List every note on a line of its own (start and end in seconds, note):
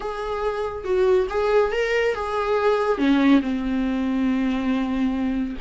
0.00 0.84 G#4
0.84 1.27 F#4
1.29 1.72 G#4
1.72 2.14 A#4
2.14 2.98 G#4
2.98 3.41 C#4
3.41 5.56 C4